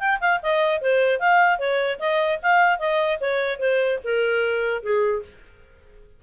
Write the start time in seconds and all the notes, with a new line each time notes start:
0.00 G5
0.21 F5
0.43 D#5
0.82 C5
1.20 F5
1.59 C#5
1.99 D#5
2.43 F5
2.79 D#5
3.21 C#5
3.60 C5
4.04 A#4
4.83 G#4